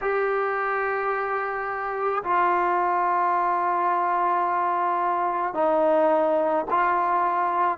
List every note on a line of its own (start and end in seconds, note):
0.01 2.23 G4
2.23 5.54 F4
5.54 6.65 D#4
6.70 7.78 F4